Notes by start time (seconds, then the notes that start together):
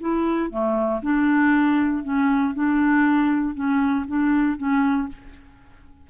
0.00 E4
0.50 A3
1.02 D4
2.03 C#4
2.54 D4
3.54 C#4
4.07 D4
4.57 C#4